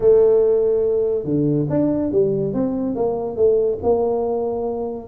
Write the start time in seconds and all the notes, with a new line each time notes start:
0.00 A3
1.24 D3
1.69 D4
2.11 G3
2.53 C4
2.95 A#3
3.36 A3
3.82 A#3